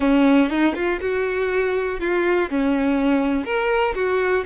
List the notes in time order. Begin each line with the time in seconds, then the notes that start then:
0.00 C#4
0.49 D#4
0.74 F4
1.01 F#4
2.00 F4
2.50 C#4
3.45 A#4
3.94 F#4